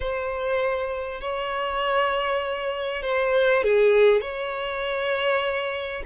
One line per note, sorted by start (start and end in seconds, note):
0.00 1.20 C5
1.20 3.02 C#5
3.02 3.63 C5
3.63 4.21 G#4
4.21 6.02 C#5